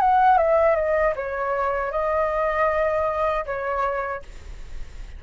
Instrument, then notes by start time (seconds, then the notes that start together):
flute
0.00 F#5
0.37 E5
0.75 D#5
1.15 C#5
1.91 D#5
3.45 C#5